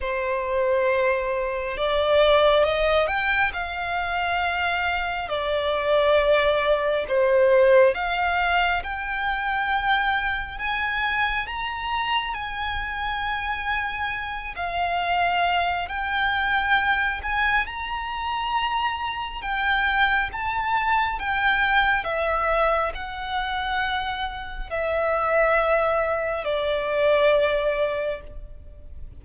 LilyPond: \new Staff \with { instrumentName = "violin" } { \time 4/4 \tempo 4 = 68 c''2 d''4 dis''8 g''8 | f''2 d''2 | c''4 f''4 g''2 | gis''4 ais''4 gis''2~ |
gis''8 f''4. g''4. gis''8 | ais''2 g''4 a''4 | g''4 e''4 fis''2 | e''2 d''2 | }